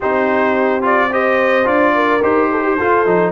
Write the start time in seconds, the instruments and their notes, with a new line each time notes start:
0.00 tuba C4, trombone D#4, horn G4, trumpet C5
0.81 trombone F4, trumpet D5
1.11 trombone G4, horn C5, trumpet D#5
1.64 tuba D4, trombone F4, trumpet D5
1.94 horn A#4
2.22 tuba D#4, trombone G4, trumpet C5
2.50 horn A4
2.63 horn G4
2.78 tuba F4, trombone F4, horn A4
3.05 tuba F3, trombone D#4